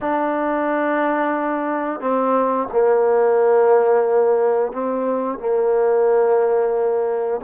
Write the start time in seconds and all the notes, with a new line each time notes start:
0.00 D4
2.00 C4
2.72 A#3
4.72 C4
5.38 A#3